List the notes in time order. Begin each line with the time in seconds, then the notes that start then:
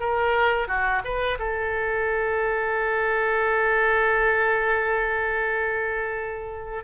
0.00 A#4
0.68 F#4
1.04 B4
1.39 A4